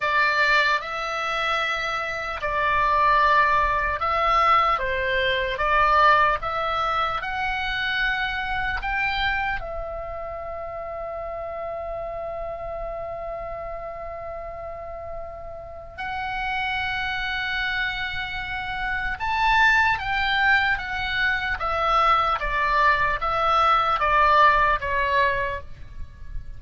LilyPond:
\new Staff \with { instrumentName = "oboe" } { \time 4/4 \tempo 4 = 75 d''4 e''2 d''4~ | d''4 e''4 c''4 d''4 | e''4 fis''2 g''4 | e''1~ |
e''1 | fis''1 | a''4 g''4 fis''4 e''4 | d''4 e''4 d''4 cis''4 | }